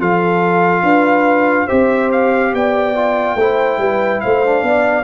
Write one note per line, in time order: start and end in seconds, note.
0.00 0.83 F3
0.00 1.69 F4
0.00 0.83 A4
0.00 1.68 F5
0.83 1.67 D4
0.83 1.66 B4
1.66 2.53 C4
1.66 2.95 G4
1.66 2.51 C5
1.66 2.10 E5
2.12 2.54 F5
2.53 3.36 B3
2.53 3.39 D5
2.53 4.21 G5
2.95 3.37 F4
3.36 3.78 A3
3.36 4.45 E4
3.36 3.80 C5
3.78 4.20 G3
3.78 4.22 B4
4.21 4.63 A3
4.21 4.64 C5
4.21 5.04 F5
4.45 5.04 D4
4.63 5.04 B3
4.63 5.04 D5